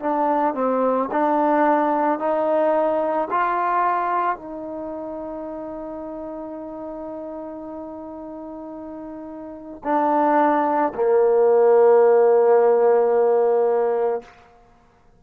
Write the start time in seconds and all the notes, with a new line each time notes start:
0.00 D4
0.55 C4
1.12 D4
2.19 D#4
3.31 F4
4.36 D#4
9.84 D4
10.95 A#3